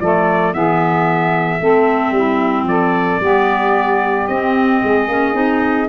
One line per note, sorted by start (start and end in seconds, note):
0.00 0.54 F3
0.00 0.53 A3
0.00 0.54 A4
0.00 0.53 D5
0.53 1.60 E3
0.53 1.60 B3
0.53 1.60 G#4
0.53 2.67 E5
1.60 2.11 A3
1.60 3.22 C4
1.60 2.14 A4
2.11 2.64 G3
2.11 2.68 E4
2.64 3.17 F3
2.64 3.21 A4
2.64 4.27 D5
3.20 4.27 G3
3.20 4.29 B3
3.20 4.82 G4
4.27 4.82 C4
4.27 5.09 C4
4.27 5.88 D#5
4.83 5.08 G#3
4.83 5.88 G#4
5.08 5.35 A#3
5.08 5.33 C#4
5.33 5.88 C4
5.33 5.87 D#4